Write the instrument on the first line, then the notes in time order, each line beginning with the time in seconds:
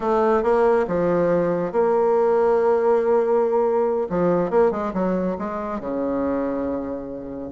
bassoon
0.00 A3
0.43 A#3
0.87 F3
1.72 A#3
4.09 F3
4.50 A#3
4.71 G#3
4.93 F#3
5.38 G#3
5.80 C#3